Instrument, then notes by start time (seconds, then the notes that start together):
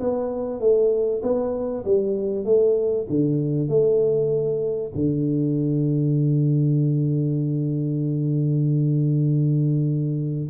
tuba
0.00 B3
0.60 A3
1.22 B3
1.85 G3
2.45 A3
3.09 D3
3.68 A3
4.95 D3